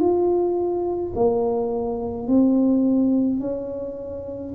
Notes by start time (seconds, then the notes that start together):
0.00 F4
1.15 A#3
2.28 C4
3.41 C#4